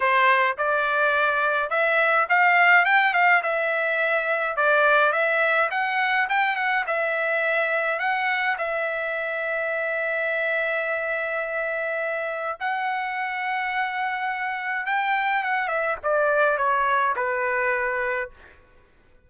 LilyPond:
\new Staff \with { instrumentName = "trumpet" } { \time 4/4 \tempo 4 = 105 c''4 d''2 e''4 | f''4 g''8 f''8 e''2 | d''4 e''4 fis''4 g''8 fis''8 | e''2 fis''4 e''4~ |
e''1~ | e''2 fis''2~ | fis''2 g''4 fis''8 e''8 | d''4 cis''4 b'2 | }